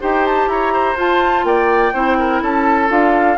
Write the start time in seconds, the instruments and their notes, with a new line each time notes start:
0.00 bassoon D#4, clarinet G4, oboe C5, flute G5
0.26 flute A5
0.47 bassoon E4, oboe C#5, flute A#5
0.73 oboe C5
0.96 bassoon F4, clarinet F4, flute A5
1.44 bassoon A#3, oboe D5, flute G5
1.93 bassoon C4, clarinet E4, oboe C5
2.18 oboe A#4
2.42 bassoon C#4, oboe A4, flute A5
2.88 bassoon D4, clarinet F4, flute F5